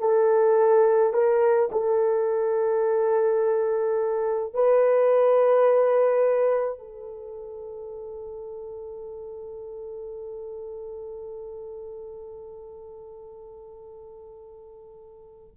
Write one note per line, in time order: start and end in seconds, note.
0.00 1.13 A4
1.14 1.70 A#4
1.72 4.54 A4
4.54 6.79 B4
6.79 15.57 A4